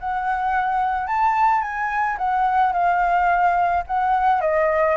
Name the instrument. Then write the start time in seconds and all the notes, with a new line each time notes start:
flute
0.00 F#5
1.07 A5
1.62 G#5
2.18 F#5
2.73 F5
3.87 F#5
4.41 D#5